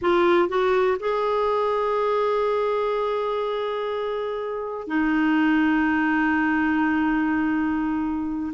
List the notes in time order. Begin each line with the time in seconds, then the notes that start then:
0.01 F4
0.48 F#4
0.99 G#4
4.87 D#4